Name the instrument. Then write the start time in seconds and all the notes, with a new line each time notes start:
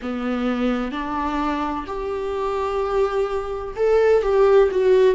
viola
0.02 B3
0.91 D4
1.86 G4
3.75 A4
4.22 G4
4.71 F#4